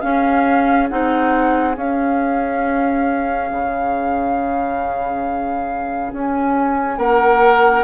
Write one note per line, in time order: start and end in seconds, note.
0.00 0.89 C#4
0.00 0.91 C#4
0.00 6.96 G#4
0.00 0.88 F5
0.89 1.77 C4
0.89 1.74 D#4
0.89 1.76 F#5
1.74 7.83 C#4
1.74 3.51 C#4
1.74 6.13 F5
3.52 6.13 C#3
6.13 6.98 C#4
6.13 6.99 G#5
6.98 7.84 A#3
6.98 7.84 A#4
6.98 7.84 F#5